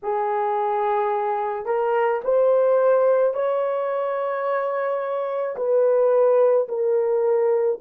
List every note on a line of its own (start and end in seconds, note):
0.02 1.65 G#4
1.65 2.21 A#4
2.24 3.33 C5
3.33 5.56 C#5
5.56 6.67 B4
6.68 7.79 A#4